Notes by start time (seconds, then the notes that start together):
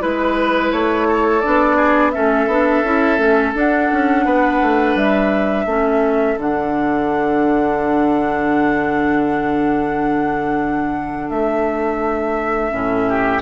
0.00 G#3 E4 B4
0.72 A3 C#5
1.08 A4
1.40 B3 D4 D5
1.76 G#4
2.11 A3 C#4 A4 E5
2.47 B3 D4
2.83 C#4 E4
3.18 A3 C#4
3.55 D4 F#5
3.92 C#4
4.25 B3 B4
4.61 A3
4.95 G3 E5
5.66 A3 C#4 A4
6.38 D3 D4 F#5
11.30 A3 E5
12.71 A2 C#4
13.08 G4